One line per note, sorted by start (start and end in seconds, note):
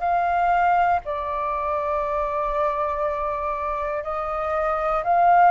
0.00 1.00 F5
1.05 4.04 D5
4.04 5.04 D#5
5.04 5.51 F5